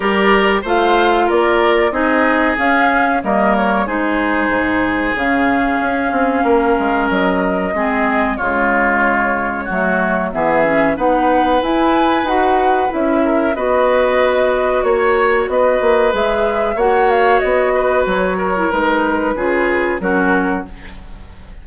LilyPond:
<<
  \new Staff \with { instrumentName = "flute" } { \time 4/4 \tempo 4 = 93 d''4 f''4 d''4 dis''4 | f''4 dis''8 cis''8 c''2 | f''2. dis''4~ | dis''4 cis''2. |
e''4 fis''4 gis''4 fis''4 | e''4 dis''2 cis''4 | dis''4 e''4 fis''8 f''8 dis''4 | cis''4 b'2 ais'4 | }
  \new Staff \with { instrumentName = "oboe" } { \time 4/4 ais'4 c''4 ais'4 gis'4~ | gis'4 ais'4 gis'2~ | gis'2 ais'2 | gis'4 f'2 fis'4 |
gis'4 b'2.~ | b'8 ais'8 b'2 cis''4 | b'2 cis''4. b'8~ | b'8 ais'4. gis'4 fis'4 | }
  \new Staff \with { instrumentName = "clarinet" } { \time 4/4 g'4 f'2 dis'4 | cis'4 ais4 dis'2 | cis'1 | c'4 gis2 a4 |
b8 cis'8 dis'4 e'4 fis'4 | e'4 fis'2.~ | fis'4 gis'4 fis'2~ | fis'8. e'16 dis'4 f'4 cis'4 | }
  \new Staff \with { instrumentName = "bassoon" } { \time 4/4 g4 a4 ais4 c'4 | cis'4 g4 gis4 gis,4 | cis4 cis'8 c'8 ais8 gis8 fis4 | gis4 cis2 fis4 |
e4 b4 e'4 dis'4 | cis'4 b2 ais4 | b8 ais8 gis4 ais4 b4 | fis4 gis4 cis4 fis4 | }
>>